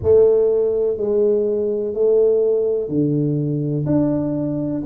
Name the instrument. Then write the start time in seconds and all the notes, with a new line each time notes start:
tuba
0.03 A3
0.97 G#3
1.94 A3
2.88 D3
3.85 D4